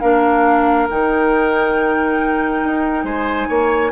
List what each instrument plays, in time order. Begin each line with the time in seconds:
0.00 bassoon A#3, clarinet D4, oboe A#4, flute F5
0.89 bassoon D#3, clarinet D#4, flute G5
2.63 bassoon D#4
3.03 bassoon G#3, oboe C5, flute G#5
3.48 bassoon A#3, oboe C#5